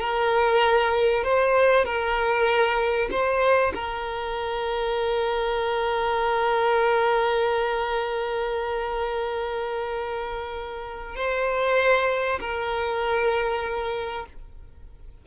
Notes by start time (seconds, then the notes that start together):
0.00 A#4
1.24 C5
1.85 A#4
3.11 C5
3.75 A#4
11.16 C5
12.40 A#4